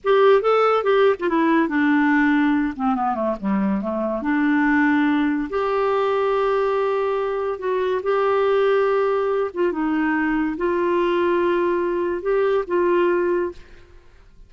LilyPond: \new Staff \with { instrumentName = "clarinet" } { \time 4/4 \tempo 4 = 142 g'4 a'4 g'8. f'16 e'4 | d'2~ d'8 c'8 b8 a8 | g4 a4 d'2~ | d'4 g'2.~ |
g'2 fis'4 g'4~ | g'2~ g'8 f'8 dis'4~ | dis'4 f'2.~ | f'4 g'4 f'2 | }